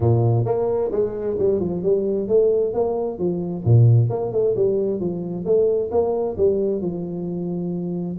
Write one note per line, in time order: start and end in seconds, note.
0.00 0.45 A#2
0.45 0.90 A#3
0.91 1.37 G#3
1.38 1.60 G3
1.60 1.82 F3
1.82 2.27 G3
2.27 2.73 A3
2.73 3.18 A#3
3.18 3.63 F3
3.64 4.09 A#2
4.09 4.32 A#3
4.32 4.54 A3
4.56 5.00 G3
5.00 5.45 F3
5.45 5.90 A3
5.91 6.36 A#3
6.37 6.81 G3
6.81 8.17 F3